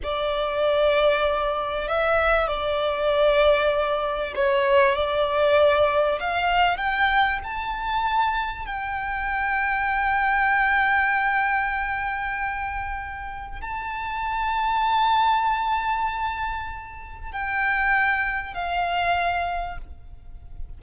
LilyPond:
\new Staff \with { instrumentName = "violin" } { \time 4/4 \tempo 4 = 97 d''2. e''4 | d''2. cis''4 | d''2 f''4 g''4 | a''2 g''2~ |
g''1~ | g''2 a''2~ | a''1 | g''2 f''2 | }